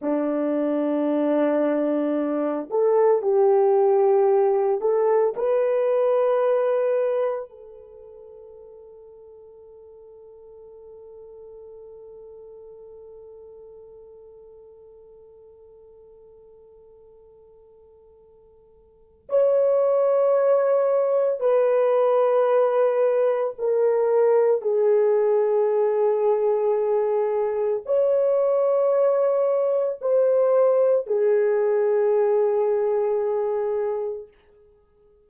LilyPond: \new Staff \with { instrumentName = "horn" } { \time 4/4 \tempo 4 = 56 d'2~ d'8 a'8 g'4~ | g'8 a'8 b'2 a'4~ | a'1~ | a'1~ |
a'2 cis''2 | b'2 ais'4 gis'4~ | gis'2 cis''2 | c''4 gis'2. | }